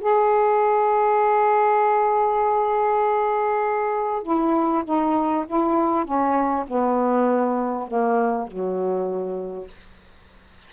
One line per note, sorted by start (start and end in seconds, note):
0.00 4.23 G#4
4.23 4.83 E4
4.84 5.45 D#4
5.47 6.04 E4
6.04 6.65 C#4
6.67 7.87 B3
7.87 8.47 A#3
8.47 9.68 F#3